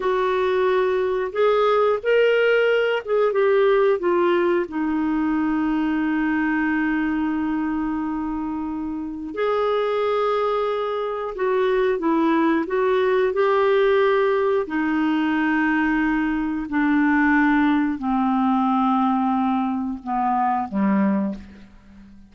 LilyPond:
\new Staff \with { instrumentName = "clarinet" } { \time 4/4 \tempo 4 = 90 fis'2 gis'4 ais'4~ | ais'8 gis'8 g'4 f'4 dis'4~ | dis'1~ | dis'2 gis'2~ |
gis'4 fis'4 e'4 fis'4 | g'2 dis'2~ | dis'4 d'2 c'4~ | c'2 b4 g4 | }